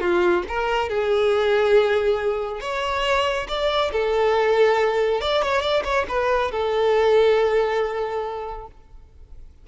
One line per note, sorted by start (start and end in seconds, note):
0.00 0.43 F4
0.48 0.89 A#4
0.89 2.61 G#4
2.61 3.47 C#5
3.48 3.91 D5
3.92 5.21 A4
5.21 5.43 D5
5.43 5.61 C#5
5.61 5.83 D5
5.84 6.06 C#5
6.08 6.51 B4
6.51 8.67 A4